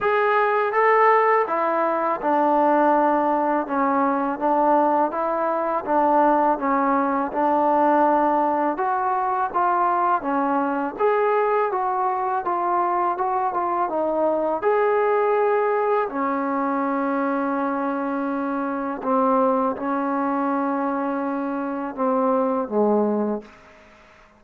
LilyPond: \new Staff \with { instrumentName = "trombone" } { \time 4/4 \tempo 4 = 82 gis'4 a'4 e'4 d'4~ | d'4 cis'4 d'4 e'4 | d'4 cis'4 d'2 | fis'4 f'4 cis'4 gis'4 |
fis'4 f'4 fis'8 f'8 dis'4 | gis'2 cis'2~ | cis'2 c'4 cis'4~ | cis'2 c'4 gis4 | }